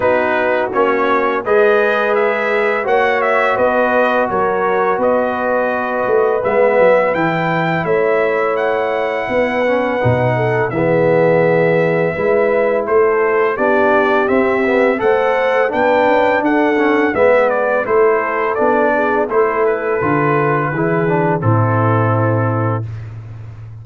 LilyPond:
<<
  \new Staff \with { instrumentName = "trumpet" } { \time 4/4 \tempo 4 = 84 b'4 cis''4 dis''4 e''4 | fis''8 e''8 dis''4 cis''4 dis''4~ | dis''4 e''4 g''4 e''4 | fis''2. e''4~ |
e''2 c''4 d''4 | e''4 fis''4 g''4 fis''4 | e''8 d''8 c''4 d''4 c''8 b'8~ | b'2 a'2 | }
  \new Staff \with { instrumentName = "horn" } { \time 4/4 fis'2 b'2 | cis''4 b'4 ais'4 b'4~ | b'2. cis''4~ | cis''4 b'4. a'8 gis'4~ |
gis'4 b'4 a'4 g'4~ | g'4 c''4 b'4 a'4 | b'4 a'4. gis'8 a'4~ | a'4 gis'4 e'2 | }
  \new Staff \with { instrumentName = "trombone" } { \time 4/4 dis'4 cis'4 gis'2 | fis'1~ | fis'4 b4 e'2~ | e'4. cis'8 dis'4 b4~ |
b4 e'2 d'4 | c'8 b8 a'4 d'4. cis'8 | b4 e'4 d'4 e'4 | f'4 e'8 d'8 c'2 | }
  \new Staff \with { instrumentName = "tuba" } { \time 4/4 b4 ais4 gis2 | ais4 b4 fis4 b4~ | b8 a8 gis8 fis8 e4 a4~ | a4 b4 b,4 e4~ |
e4 gis4 a4 b4 | c'4 a4 b8 cis'8 d'4 | gis4 a4 b4 a4 | d4 e4 a,2 | }
>>